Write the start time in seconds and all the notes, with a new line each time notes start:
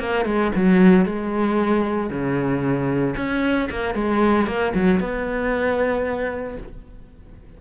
0.00 A#3
0.26 G#3
0.56 F#3
1.06 G#3
2.10 C#3
3.17 C#4
3.71 A#3
3.95 G#3
4.47 A#3
4.75 F#3
5.00 B3